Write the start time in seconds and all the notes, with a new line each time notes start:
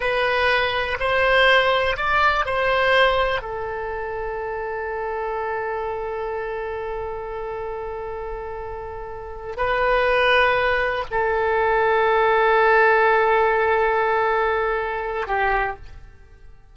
0.00 B4
0.99 C5
1.96 D5
2.45 C5
3.41 A4
9.57 B4
11.11 A4
15.27 G4